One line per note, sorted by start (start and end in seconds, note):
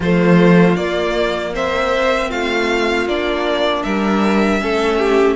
0.00 0.75 F3
0.00 0.77 A3
0.00 1.53 F4
0.00 0.76 C5
0.76 2.30 A#3
0.76 1.53 A#3
0.76 1.53 D5
1.53 3.07 C4
1.53 2.29 C5
1.53 2.30 E5
2.29 3.06 A3
2.29 3.83 F4
2.29 3.07 F5
3.06 3.83 A#3
3.06 4.60 D4
3.06 3.83 D5
3.83 4.61 G3
3.83 4.61 A#4
3.83 5.36 E5
4.60 5.36 A3
4.60 5.36 C#4
4.60 4.98 A4
4.98 5.36 G4